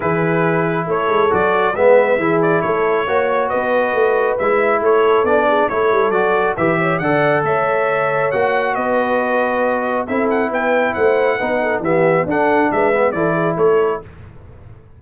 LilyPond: <<
  \new Staff \with { instrumentName = "trumpet" } { \time 4/4 \tempo 4 = 137 b'2 cis''4 d''4 | e''4. d''8 cis''2 | dis''2 e''4 cis''4 | d''4 cis''4 d''4 e''4 |
fis''4 e''2 fis''4 | dis''2. e''8 fis''8 | g''4 fis''2 e''4 | fis''4 e''4 d''4 cis''4 | }
  \new Staff \with { instrumentName = "horn" } { \time 4/4 gis'2 a'2 | b'4 gis'4 a'4 cis''4 | b'2. a'4~ | a'8 gis'8 a'2 b'8 cis''8 |
d''4 cis''2. | b'2. a'4 | b'4 c''4 b'8 a'8 g'4 | a'4 b'4 a'8 gis'8 a'4 | }
  \new Staff \with { instrumentName = "trombone" } { \time 4/4 e'2. fis'4 | b4 e'2 fis'4~ | fis'2 e'2 | d'4 e'4 fis'4 g'4 |
a'2. fis'4~ | fis'2. e'4~ | e'2 dis'4 b4 | d'4. b8 e'2 | }
  \new Staff \with { instrumentName = "tuba" } { \time 4/4 e2 a8 gis8 fis4 | gis4 e4 a4 ais4 | b4 a4 gis4 a4 | b4 a8 g8 fis4 e4 |
d4 a2 ais4 | b2. c'4 | b4 a4 b4 e4 | d'4 gis4 e4 a4 | }
>>